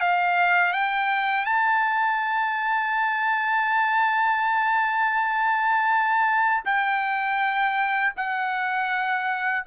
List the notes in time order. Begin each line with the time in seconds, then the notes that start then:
0.00 F5
0.72 G5
1.45 A5
6.64 G5
8.16 F#5